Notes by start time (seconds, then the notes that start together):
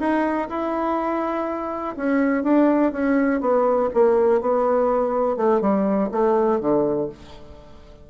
0.00 D#4
0.50 E4
1.97 C#4
2.44 D4
2.93 C#4
3.41 B3
3.94 A#3
4.41 B3
5.37 A3
5.61 G3
6.12 A3
6.61 D3